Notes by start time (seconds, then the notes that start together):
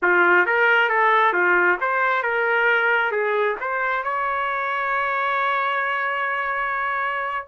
0.02 F4
0.45 A#4
0.89 A4
1.33 F4
1.80 C5
2.22 A#4
3.11 G#4
3.60 C5
4.03 C#5